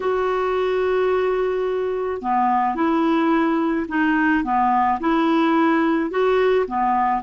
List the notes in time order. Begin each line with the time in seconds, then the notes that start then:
0.00 F#4
2.21 B3
2.75 E4
3.88 D#4
4.43 B3
5.00 E4
6.10 F#4
6.67 B3